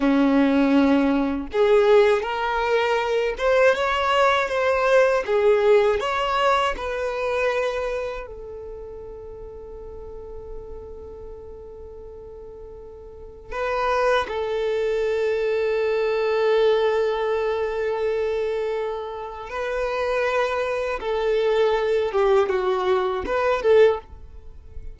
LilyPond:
\new Staff \with { instrumentName = "violin" } { \time 4/4 \tempo 4 = 80 cis'2 gis'4 ais'4~ | ais'8 c''8 cis''4 c''4 gis'4 | cis''4 b'2 a'4~ | a'1~ |
a'2 b'4 a'4~ | a'1~ | a'2 b'2 | a'4. g'8 fis'4 b'8 a'8 | }